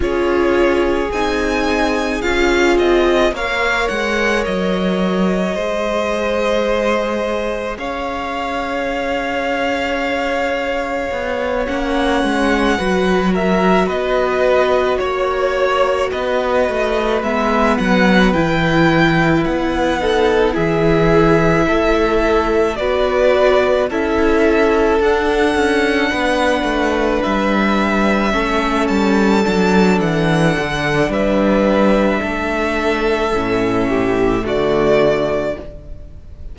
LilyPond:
<<
  \new Staff \with { instrumentName = "violin" } { \time 4/4 \tempo 4 = 54 cis''4 gis''4 f''8 dis''8 f''8 fis''8 | dis''2. f''4~ | f''2~ f''8 fis''4. | e''8 dis''4 cis''4 dis''4 e''8 |
fis''8 g''4 fis''4 e''4.~ | e''8 d''4 e''4 fis''4.~ | fis''8 e''4. a''4 fis''4 | e''2. d''4 | }
  \new Staff \with { instrumentName = "violin" } { \time 4/4 gis'2. cis''4~ | cis''4 c''2 cis''4~ | cis''2.~ cis''8 b'8 | ais'8 b'4 cis''4 b'4.~ |
b'2 a'8 gis'4 a'8~ | a'8 b'4 a'2 b'8~ | b'4. a'2~ a'8 | b'4 a'4. g'8 fis'4 | }
  \new Staff \with { instrumentName = "viola" } { \time 4/4 f'4 dis'4 f'4 ais'4~ | ais'4 gis'2.~ | gis'2~ gis'8 cis'4 fis'8~ | fis'2.~ fis'8 b8~ |
b8 e'4. dis'8 e'4.~ | e'8 fis'4 e'4 d'4.~ | d'4. cis'4 d'4.~ | d'2 cis'4 a4 | }
  \new Staff \with { instrumentName = "cello" } { \time 4/4 cis'4 c'4 cis'8 c'8 ais8 gis8 | fis4 gis2 cis'4~ | cis'2 b8 ais8 gis8 fis8~ | fis8 b4 ais4 b8 a8 gis8 |
fis8 e4 b4 e4 a8~ | a8 b4 cis'4 d'8 cis'8 b8 | a8 g4 a8 g8 fis8 e8 d8 | g4 a4 a,4 d4 | }
>>